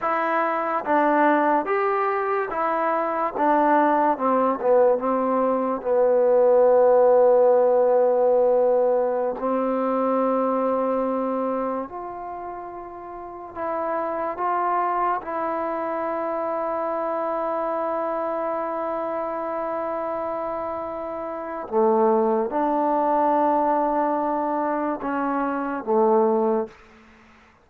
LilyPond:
\new Staff \with { instrumentName = "trombone" } { \time 4/4 \tempo 4 = 72 e'4 d'4 g'4 e'4 | d'4 c'8 b8 c'4 b4~ | b2.~ b16 c'8.~ | c'2~ c'16 f'4.~ f'16~ |
f'16 e'4 f'4 e'4.~ e'16~ | e'1~ | e'2 a4 d'4~ | d'2 cis'4 a4 | }